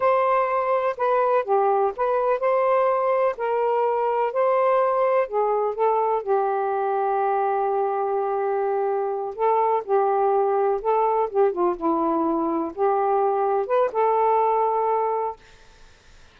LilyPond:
\new Staff \with { instrumentName = "saxophone" } { \time 4/4 \tempo 4 = 125 c''2 b'4 g'4 | b'4 c''2 ais'4~ | ais'4 c''2 gis'4 | a'4 g'2.~ |
g'2.~ g'8 a'8~ | a'8 g'2 a'4 g'8 | f'8 e'2 g'4.~ | g'8 b'8 a'2. | }